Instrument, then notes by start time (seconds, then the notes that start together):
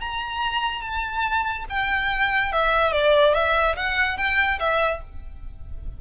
violin
0.00 A#5
0.81 A5
1.69 G5
2.52 E5
2.92 D5
3.34 E5
3.76 F#5
4.17 G5
4.59 E5